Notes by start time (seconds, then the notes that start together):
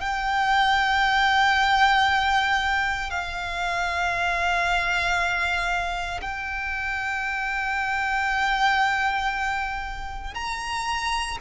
0.00 G5
3.10 F5
6.21 G5
10.34 A#5